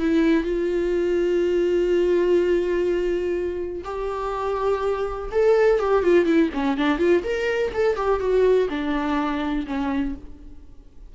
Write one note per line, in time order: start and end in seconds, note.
0.00 0.44 E4
0.44 3.82 F4
3.85 5.30 G4
5.32 5.80 A4
5.80 6.04 G4
6.04 6.26 F4
6.26 6.50 E4
6.54 6.78 C#4
6.78 6.99 D4
6.99 7.23 F4
7.24 7.72 A#4
7.74 7.96 A4
7.96 8.20 G4
8.20 8.69 F#4
8.70 9.66 D4
9.67 10.15 C#4